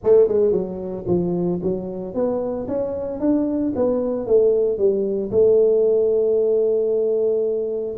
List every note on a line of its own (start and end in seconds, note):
0.03 0.28 A3
0.28 0.52 G#3
0.52 1.05 F#3
1.07 1.60 F3
1.62 2.14 F#3
2.14 2.67 B3
2.67 3.20 C#4
3.20 3.73 D4
3.75 4.26 B3
4.26 4.77 A3
4.77 5.30 G3
5.31 7.96 A3